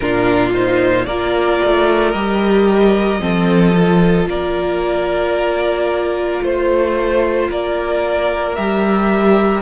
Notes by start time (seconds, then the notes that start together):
0.00 A#2 D4 F4 A#4
0.53 D#4 C5
1.05 A#3 F4 A#4 D5
1.64 A3
2.11 G3 G4 D#5
3.19 F3 C4 A4
3.75 F4
4.25 A#3 A#4 D5
6.42 A3 C5
7.50 A#3 A#4 D5
8.55 G3 G4 E5